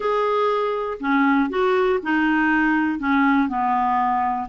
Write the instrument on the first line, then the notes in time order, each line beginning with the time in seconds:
clarinet
0.00 G#4
1.00 C#4
1.49 F#4
2.02 D#4
2.99 C#4
3.48 B3